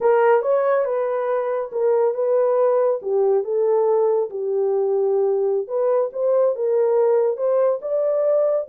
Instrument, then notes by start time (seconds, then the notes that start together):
horn
0.00 A#4
0.41 C#5
0.85 B4
1.71 A#4
2.14 B4
3.02 G4
3.43 A4
4.30 G4
5.67 B4
6.13 C5
6.55 A#4
7.37 C5
7.81 D5